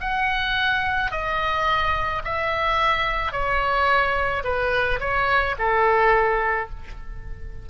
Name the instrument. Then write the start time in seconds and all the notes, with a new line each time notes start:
oboe
0.00 F#5
1.11 D#5
2.24 E5
3.32 C#5
4.44 B4
4.99 C#5
5.58 A4